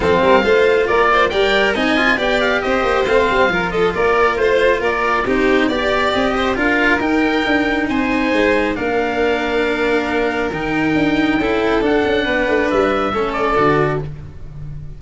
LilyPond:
<<
  \new Staff \with { instrumentName = "oboe" } { \time 4/4 \tempo 4 = 137 f''2 d''4 g''4 | gis''4 g''8 f''8 dis''4 f''4~ | f''8 dis''8 d''4 c''4 d''4 | c''4 d''4 dis''4 f''4 |
g''2 gis''2 | f''1 | g''2. fis''4~ | fis''4 e''4. d''4. | }
  \new Staff \with { instrumentName = "violin" } { \time 4/4 a'8 ais'8 c''4 ais'8 c''8 d''4 | dis''4 d''4 c''2 | ais'8 a'8 ais'4 c''4 ais'4 | g'4 d''4. c''8 ais'4~ |
ais'2 c''2 | ais'1~ | ais'2 a'2 | b'2 a'2 | }
  \new Staff \with { instrumentName = "cello" } { \time 4/4 c'4 f'2 ais'4 | dis'8 f'8 g'2 c'4 | f'1 | dis'4 g'2 f'4 |
dis'1 | d'1 | dis'2 e'4 d'4~ | d'2 cis'4 fis'4 | }
  \new Staff \with { instrumentName = "tuba" } { \time 4/4 f8 g8 a4 ais4 g4 | c'4 b4 c'8 ais8 a8 g8 | f4 ais4 a4 ais4 | c'4 b4 c'4 d'4 |
dis'4 d'4 c'4 gis4 | ais1 | dis4 d'4 cis'4 d'8 cis'8 | b8 a8 g4 a4 d4 | }
>>